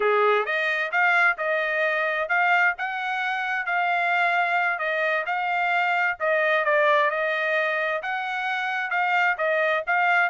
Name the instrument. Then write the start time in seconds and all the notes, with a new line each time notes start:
trumpet
0.00 G#4
0.45 D#5
0.91 F5
1.37 D#5
2.28 F5
2.78 F#5
3.66 F5
4.79 D#5
5.25 F5
6.19 D#5
6.65 D5
7.10 D#5
8.02 F#5
8.90 F5
9.37 D#5
9.86 F5